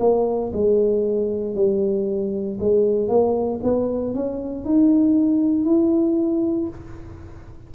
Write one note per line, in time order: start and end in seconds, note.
0.00 0.52 A#3
0.53 1.55 G#3
1.55 2.59 G3
2.60 3.08 G#3
3.08 3.60 A#3
3.63 4.14 B3
4.14 4.65 C#4
4.65 5.65 D#4
5.65 6.68 E4